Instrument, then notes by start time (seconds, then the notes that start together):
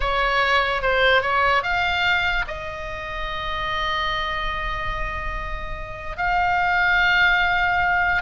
oboe
0.00 C#5
0.82 C5
1.22 C#5
1.63 F5
2.47 D#5
6.17 F5